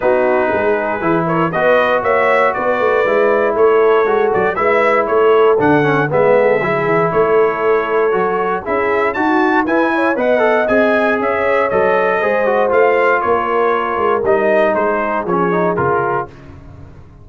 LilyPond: <<
  \new Staff \with { instrumentName = "trumpet" } { \time 4/4 \tempo 4 = 118 b'2~ b'8 cis''8 dis''4 | e''4 d''2 cis''4~ | cis''8 d''8 e''4 cis''4 fis''4 | e''2 cis''2~ |
cis''4 e''4 a''4 gis''4 | fis''4 gis''4 e''4 dis''4~ | dis''4 f''4 cis''2 | dis''4 c''4 cis''4 ais'4 | }
  \new Staff \with { instrumentName = "horn" } { \time 4/4 fis'4 gis'4. ais'8 b'4 | cis''4 b'2 a'4~ | a'4 b'4 a'2 | b'8 a'8 gis'4 a'2~ |
a'4 gis'4 fis'4 b'8 cis''8 | dis''2 cis''2 | c''2 ais'2~ | ais'4 gis'2. | }
  \new Staff \with { instrumentName = "trombone" } { \time 4/4 dis'2 e'4 fis'4~ | fis'2 e'2 | fis'4 e'2 d'8 cis'8 | b4 e'2. |
fis'4 e'4 fis'4 e'4 | b'8 a'8 gis'2 a'4 | gis'8 fis'8 f'2. | dis'2 cis'8 dis'8 f'4 | }
  \new Staff \with { instrumentName = "tuba" } { \time 4/4 b4 gis4 e4 b4 | ais4 b8 a8 gis4 a4 | gis8 fis8 gis4 a4 d4 | gis4 fis8 e8 a2 |
fis4 cis'4 dis'4 e'4 | b4 c'4 cis'4 fis4 | gis4 a4 ais4. gis8 | g4 gis4 f4 cis4 | }
>>